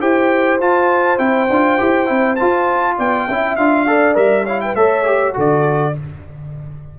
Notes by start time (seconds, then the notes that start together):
0.00 E4 G4 C5 G5
0.60 F4 A5
1.17 C4 E4 G5
1.49 D4 F4
1.78 E4 G4
2.06 C4 E4
2.35 F4 A5
2.97 B3 D5 G5
3.27 C#4 E4 E5
3.56 D4 F4 F5
3.87 A4 D5
4.14 G3 A#4 E5
4.44 E4 C#5 F5
4.61 B4 G5
4.75 A3 A4 C#5 E5
5.05 G4
5.33 D3 F#4 A4 D5